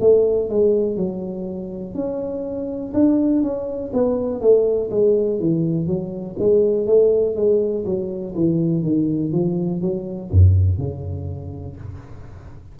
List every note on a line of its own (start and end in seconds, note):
0.00 0.49 A3
0.49 0.96 G#3
0.96 1.94 F#3
1.94 2.92 C#4
2.93 3.42 D4
3.42 3.91 C#4
3.93 4.40 B3
4.40 4.90 A3
4.90 5.39 G#3
5.39 5.87 E3
5.87 6.36 F#3
6.38 6.86 G#3
6.86 7.35 A3
7.35 7.85 G#3
7.85 8.34 F#3
8.34 8.83 E3
8.83 9.32 D#3
9.32 9.81 F3
9.81 10.30 F#3
10.31 10.77 F#2
10.77 11.76 C#3